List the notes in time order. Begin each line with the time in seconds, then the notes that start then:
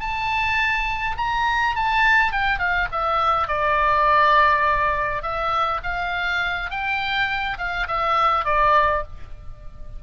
0.00 A5
1.17 A#5
1.76 A5
2.32 G5
2.59 F5
2.92 E5
3.48 D5
5.22 E5
5.83 F5
6.70 G5
7.58 F5
7.88 E5
8.45 D5